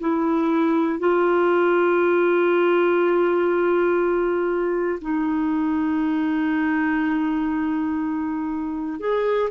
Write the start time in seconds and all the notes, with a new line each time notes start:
0.00 E4
0.99 F4
5.01 D#4
9.00 G#4